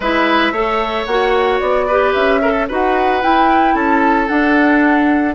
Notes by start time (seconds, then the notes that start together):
0.00 G#3 E4 B4 E5
0.52 A3 A4 C#5
1.05 A#3 F#4 F#5
1.59 B3 D5
1.87 G4 B4
2.13 C#4 E5
2.41 A4 A#4
2.52 A4
2.68 D#4 F#4 B4 F#5
3.22 E4 G5
3.74 C#4 A4 A5
4.27 D4 F#5